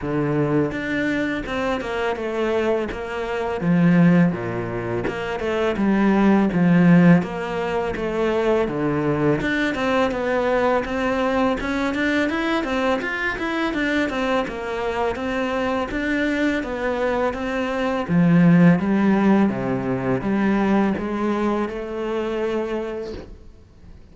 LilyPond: \new Staff \with { instrumentName = "cello" } { \time 4/4 \tempo 4 = 83 d4 d'4 c'8 ais8 a4 | ais4 f4 ais,4 ais8 a8 | g4 f4 ais4 a4 | d4 d'8 c'8 b4 c'4 |
cis'8 d'8 e'8 c'8 f'8 e'8 d'8 c'8 | ais4 c'4 d'4 b4 | c'4 f4 g4 c4 | g4 gis4 a2 | }